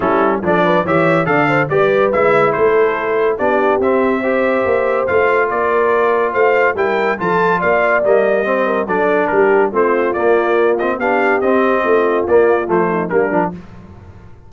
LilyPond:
<<
  \new Staff \with { instrumentName = "trumpet" } { \time 4/4 \tempo 4 = 142 a'4 d''4 e''4 f''4 | d''4 e''4 c''2 | d''4 e''2. | f''4 d''2 f''4 |
g''4 a''4 f''4 dis''4~ | dis''4 d''4 ais'4 c''4 | d''4. dis''8 f''4 dis''4~ | dis''4 d''4 c''4 ais'4 | }
  \new Staff \with { instrumentName = "horn" } { \time 4/4 e'4 a'8 b'8 cis''4 d''8 c''8 | b'2 a'2 | g'2 c''2~ | c''4 ais'2 c''4 |
ais'4 a'4 d''2 | c''8 ais'8 a'4 g'4 f'4~ | f'2 g'2 | f'2~ f'8 dis'8 d'4 | }
  \new Staff \with { instrumentName = "trombone" } { \time 4/4 cis'4 d'4 g'4 a'4 | g'4 e'2. | d'4 c'4 g'2 | f'1 |
e'4 f'2 ais4 | c'4 d'2 c'4 | ais4. c'8 d'4 c'4~ | c'4 ais4 a4 ais8 d'8 | }
  \new Staff \with { instrumentName = "tuba" } { \time 4/4 g4 f4 e4 d4 | g4 gis4 a2 | b4 c'2 ais4 | a4 ais2 a4 |
g4 f4 ais4 g4~ | g4 fis4 g4 a4 | ais2 b4 c'4 | a4 ais4 f4 g8 f8 | }
>>